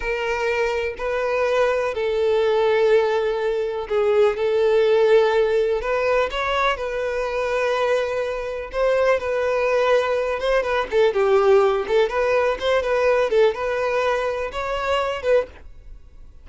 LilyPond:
\new Staff \with { instrumentName = "violin" } { \time 4/4 \tempo 4 = 124 ais'2 b'2 | a'1 | gis'4 a'2. | b'4 cis''4 b'2~ |
b'2 c''4 b'4~ | b'4. c''8 b'8 a'8 g'4~ | g'8 a'8 b'4 c''8 b'4 a'8 | b'2 cis''4. b'8 | }